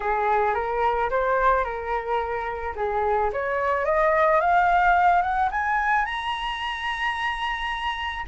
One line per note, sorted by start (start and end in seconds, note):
0.00 0.54 G#4
0.54 1.09 A#4
1.10 1.64 C5
1.64 2.74 A#4
2.75 3.30 G#4
3.33 3.85 C#5
3.85 4.40 D#5
4.40 5.21 F5
5.21 5.49 F#5
5.51 6.05 G#5
6.05 8.25 A#5